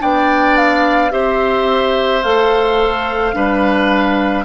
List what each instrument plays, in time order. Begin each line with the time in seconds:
0.00 bassoon B3, clarinet D4, oboe D5, flute G5
0.57 flute F5
1.11 bassoon C4, clarinet G4, oboe C5, flute E5
2.23 bassoon A3, clarinet A4, flute F5
3.34 bassoon G3, clarinet D4, oboe B4